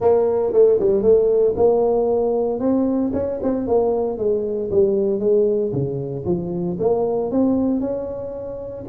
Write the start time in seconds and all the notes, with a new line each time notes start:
0.00 A#3
0.52 A3
0.79 G3
1.02 A3
1.56 A#3
2.59 C4
3.13 C#4
3.42 C4
3.67 A#3
4.17 G#3
4.71 G3
5.19 G#3
5.72 C#3
6.25 F3
6.79 A#3
7.31 C4
7.80 C#4